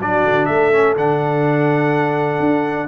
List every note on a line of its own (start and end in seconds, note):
0.00 0.24 F#3
0.00 0.73 D4
0.00 0.49 F#4
0.00 0.46 D5
0.24 0.48 D3
0.46 0.97 A3
0.46 2.88 A4
0.46 0.94 E5
0.73 0.97 C#4
0.97 2.40 D3
0.97 2.88 D4
0.97 2.88 F#5
2.40 2.88 D4